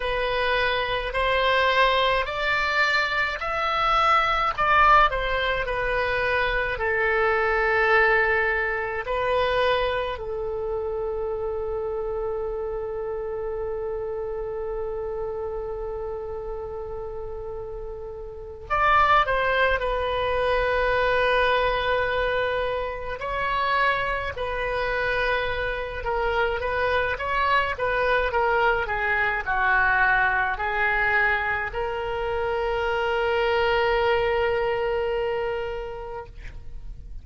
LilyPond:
\new Staff \with { instrumentName = "oboe" } { \time 4/4 \tempo 4 = 53 b'4 c''4 d''4 e''4 | d''8 c''8 b'4 a'2 | b'4 a'2.~ | a'1~ |
a'8 d''8 c''8 b'2~ b'8~ | b'8 cis''4 b'4. ais'8 b'8 | cis''8 b'8 ais'8 gis'8 fis'4 gis'4 | ais'1 | }